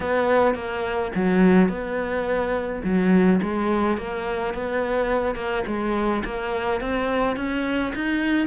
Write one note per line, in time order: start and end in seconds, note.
0.00 0.55 B3
0.55 1.11 A#3
1.15 1.68 F#3
1.68 2.81 B3
2.84 3.40 F#3
3.42 3.97 G#3
3.97 4.54 A#3
4.54 5.35 B3
5.35 5.63 A#3
5.66 6.23 G#3
6.24 6.81 A#3
6.81 7.36 C4
7.36 7.93 C#4
7.95 8.47 D#4